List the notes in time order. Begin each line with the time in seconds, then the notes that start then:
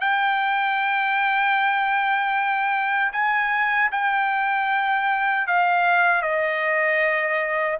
0.00 G5
3.12 G#5
3.91 G5
5.47 F5
6.22 D#5